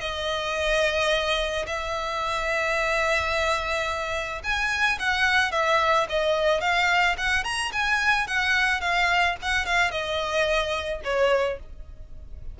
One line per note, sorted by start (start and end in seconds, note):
0.00 1.65 D#5
1.66 4.42 E5
4.43 4.98 G#5
4.99 5.51 F#5
5.51 6.07 E5
6.09 6.61 D#5
6.61 7.16 F5
7.17 7.44 F#5
7.44 7.71 A#5
7.72 8.27 G#5
8.27 8.80 F#5
8.80 9.36 F5
9.42 9.65 F#5
9.65 9.91 F5
9.91 11.01 D#5
11.04 11.59 C#5